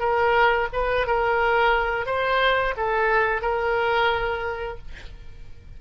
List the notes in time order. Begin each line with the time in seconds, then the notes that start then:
0.00 A#4
0.73 B4
1.08 A#4
2.06 C5
2.77 A4
3.42 A#4